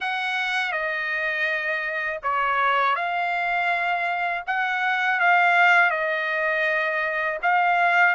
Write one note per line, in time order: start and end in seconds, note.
0.00 0.71 F#5
0.71 2.20 D#5
2.23 2.95 C#5
2.95 4.43 F5
4.46 5.20 F#5
5.20 5.90 F5
5.90 7.38 D#5
7.42 8.15 F5